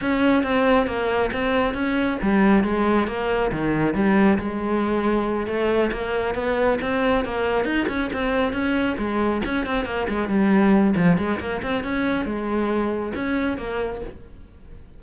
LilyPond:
\new Staff \with { instrumentName = "cello" } { \time 4/4 \tempo 4 = 137 cis'4 c'4 ais4 c'4 | cis'4 g4 gis4 ais4 | dis4 g4 gis2~ | gis8 a4 ais4 b4 c'8~ |
c'8 ais4 dis'8 cis'8 c'4 cis'8~ | cis'8 gis4 cis'8 c'8 ais8 gis8 g8~ | g4 f8 gis8 ais8 c'8 cis'4 | gis2 cis'4 ais4 | }